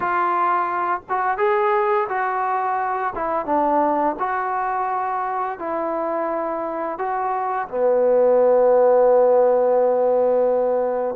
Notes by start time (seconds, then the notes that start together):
0.00 F4
1.09 F#4
1.37 G#4
2.08 F#4
3.15 E4
3.45 D4
4.19 F#4
5.58 E4
6.98 F#4
7.68 B3